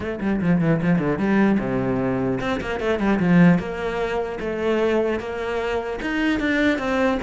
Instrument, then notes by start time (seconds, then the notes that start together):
cello
0.00 A3
0.20 G3
0.41 F3
0.60 E3
0.81 F3
0.99 D3
1.18 G3
1.59 C3
2.40 C4
2.60 A#3
2.80 A3
2.99 G3
3.19 F3
3.58 A#3
4.39 A3
5.19 A#3
6.01 D#4
6.39 D4
6.78 C4